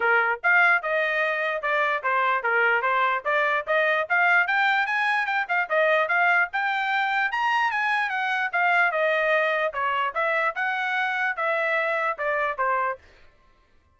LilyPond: \new Staff \with { instrumentName = "trumpet" } { \time 4/4 \tempo 4 = 148 ais'4 f''4 dis''2 | d''4 c''4 ais'4 c''4 | d''4 dis''4 f''4 g''4 | gis''4 g''8 f''8 dis''4 f''4 |
g''2 ais''4 gis''4 | fis''4 f''4 dis''2 | cis''4 e''4 fis''2 | e''2 d''4 c''4 | }